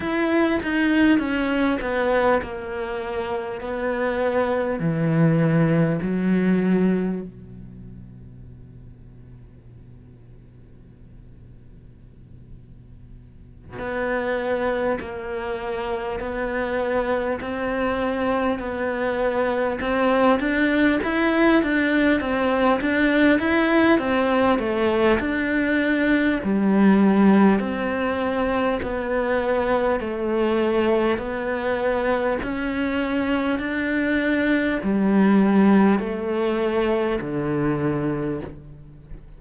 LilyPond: \new Staff \with { instrumentName = "cello" } { \time 4/4 \tempo 4 = 50 e'8 dis'8 cis'8 b8 ais4 b4 | e4 fis4 b,2~ | b,2.~ b,8 b8~ | b8 ais4 b4 c'4 b8~ |
b8 c'8 d'8 e'8 d'8 c'8 d'8 e'8 | c'8 a8 d'4 g4 c'4 | b4 a4 b4 cis'4 | d'4 g4 a4 d4 | }